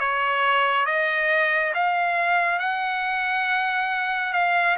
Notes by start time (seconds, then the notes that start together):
0.00 C#5
0.87 D#5
1.75 F5
2.60 F#5
4.34 F5